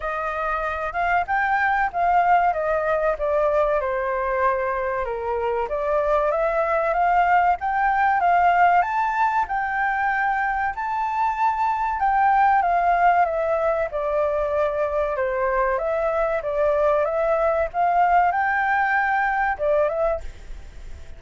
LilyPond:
\new Staff \with { instrumentName = "flute" } { \time 4/4 \tempo 4 = 95 dis''4. f''8 g''4 f''4 | dis''4 d''4 c''2 | ais'4 d''4 e''4 f''4 | g''4 f''4 a''4 g''4~ |
g''4 a''2 g''4 | f''4 e''4 d''2 | c''4 e''4 d''4 e''4 | f''4 g''2 d''8 e''8 | }